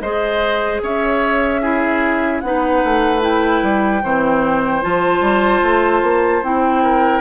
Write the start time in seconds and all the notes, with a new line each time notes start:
0.00 G#3 G#4 C5 D#5
0.82 C#4 C#5 E5
1.61 E4 G#4
2.41 B3 D#4 F#5
2.47 B4
2.84 A3
3.21 E4 G5
3.63 G3
4.03 E3 C4 C5
4.82 F3 F4 A5
5.21 G3
5.62 A3
6.02 A#3
6.42 C4 E4 G5
6.83 A#4